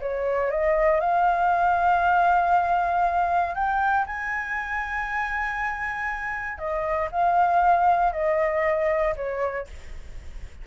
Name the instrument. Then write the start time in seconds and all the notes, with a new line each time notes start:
flute
0.00 C#5
0.50 D#5
1.00 F5
3.54 G5
4.06 G#5
6.58 D#5
7.11 F5
8.12 D#5
9.16 C#5